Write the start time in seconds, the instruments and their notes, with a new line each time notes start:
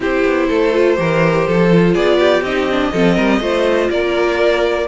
0.00 cello C4, viola E4, violin G4 C5
0.24 cello B3
0.48 cello A3, violin A4
0.73 viola F4
0.96 cello E3, viola G4, violin A#4
1.47 cello F3, violin A4
1.70 viola F4
1.93 cello B3, violin G#4 D5
2.19 violin G4
2.41 cello C4, viola D#4, violin D#5
2.69 viola D4
2.92 cello F3, viola C4, violin A4
3.15 cello G3, violin A#4
3.39 cello A3, viola F4, violin C5
3.90 cello A#3, violin A#4 D5